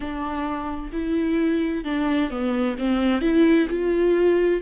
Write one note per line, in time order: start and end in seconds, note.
0.00 0.91 D4
0.92 1.84 E4
1.84 2.30 D4
2.30 2.76 B3
2.78 3.21 C4
3.21 3.67 E4
3.69 4.61 F4